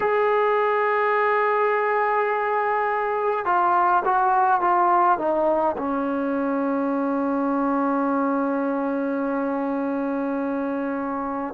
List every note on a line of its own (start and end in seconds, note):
0.00 3.45 G#4
3.45 4.03 F4
4.04 4.60 F#4
4.60 5.18 F4
5.18 5.76 D#4
5.77 11.54 C#4